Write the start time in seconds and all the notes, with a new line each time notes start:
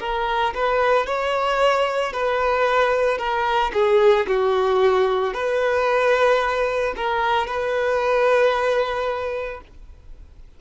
0.00 A#4
0.54 B4
1.06 C#5
2.13 B4
3.18 A#4
3.73 G#4
4.27 F#4
5.34 B4
6.96 A#4
7.47 B4